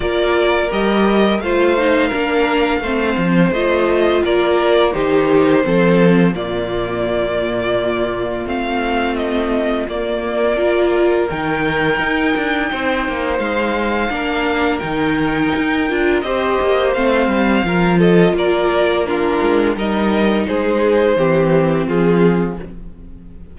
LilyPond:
<<
  \new Staff \with { instrumentName = "violin" } { \time 4/4 \tempo 4 = 85 d''4 dis''4 f''2~ | f''4 dis''4 d''4 c''4~ | c''4 d''2. | f''4 dis''4 d''2 |
g''2. f''4~ | f''4 g''2 dis''4 | f''4. dis''8 d''4 ais'4 | dis''4 c''2 gis'4 | }
  \new Staff \with { instrumentName = "violin" } { \time 4/4 ais'2 c''4 ais'4 | c''2 ais'4 g'4 | a'4 f'2.~ | f'2. ais'4~ |
ais'2 c''2 | ais'2. c''4~ | c''4 ais'8 a'8 ais'4 f'4 | ais'4 gis'4 g'4 f'4 | }
  \new Staff \with { instrumentName = "viola" } { \time 4/4 f'4 g'4 f'8 dis'8 d'4 | c'4 f'2 dis'4 | c'4 ais2. | c'2 ais4 f'4 |
dis'1 | d'4 dis'4. f'8 g'4 | c'4 f'2 d'4 | dis'2 c'2 | }
  \new Staff \with { instrumentName = "cello" } { \time 4/4 ais4 g4 a4 ais4 | a8 f8 a4 ais4 dis4 | f4 ais,2. | a2 ais2 |
dis4 dis'8 d'8 c'8 ais8 gis4 | ais4 dis4 dis'8 d'8 c'8 ais8 | a8 g8 f4 ais4. gis8 | g4 gis4 e4 f4 | }
>>